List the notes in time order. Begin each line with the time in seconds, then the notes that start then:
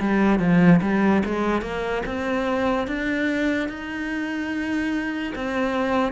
0.00 G3
0.39 F3
0.82 G3
1.25 G#3
1.62 A#3
2.06 C4
2.87 D4
3.69 D#4
5.35 C4